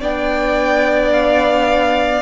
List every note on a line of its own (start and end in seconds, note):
0.00 2.22 B3
0.00 2.22 D4
0.00 2.22 D5
0.00 1.13 G5
1.13 2.22 F5